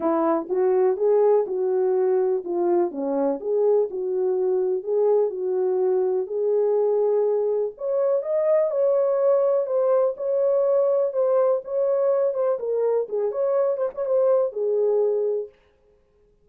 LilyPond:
\new Staff \with { instrumentName = "horn" } { \time 4/4 \tempo 4 = 124 e'4 fis'4 gis'4 fis'4~ | fis'4 f'4 cis'4 gis'4 | fis'2 gis'4 fis'4~ | fis'4 gis'2. |
cis''4 dis''4 cis''2 | c''4 cis''2 c''4 | cis''4. c''8 ais'4 gis'8 cis''8~ | cis''8 c''16 cis''16 c''4 gis'2 | }